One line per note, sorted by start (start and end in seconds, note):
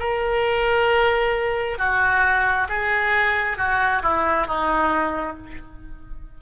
0.00 1.78 A#4
1.78 2.68 F#4
2.69 3.58 G#4
3.58 4.03 F#4
4.03 4.47 E4
4.47 5.37 D#4